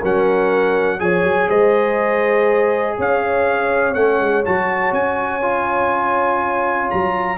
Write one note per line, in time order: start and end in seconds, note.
0.00 1.00 F#3
0.00 0.99 C#4
0.00 0.98 A#4
0.00 1.00 F#5
0.99 1.23 F3
0.99 3.94 G#4
0.99 1.48 C#5
0.99 1.49 G#5
1.23 1.48 F#3
1.48 2.96 G#3
1.48 2.96 C5
1.48 2.97 D#5
2.97 3.95 C#4
2.97 7.37 C#5
2.97 3.94 F5
3.94 4.20 A3
3.94 4.44 C#4
3.94 4.43 F#5
4.20 4.44 G#3
4.45 4.92 F#3
4.45 5.42 F#4
4.45 4.94 A5
4.92 6.89 C#4
4.92 6.90 G#5
5.42 7.37 F4
6.90 7.37 F#3
6.90 7.37 A#5